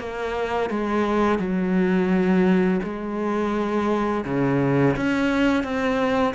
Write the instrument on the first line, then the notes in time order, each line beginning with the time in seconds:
cello
0.00 A#3
0.70 G#3
1.39 F#3
2.83 G#3
4.25 C#3
4.97 C#4
5.64 C4